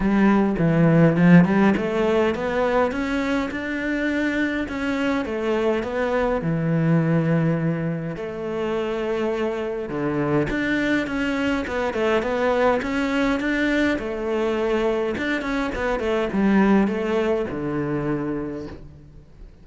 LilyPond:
\new Staff \with { instrumentName = "cello" } { \time 4/4 \tempo 4 = 103 g4 e4 f8 g8 a4 | b4 cis'4 d'2 | cis'4 a4 b4 e4~ | e2 a2~ |
a4 d4 d'4 cis'4 | b8 a8 b4 cis'4 d'4 | a2 d'8 cis'8 b8 a8 | g4 a4 d2 | }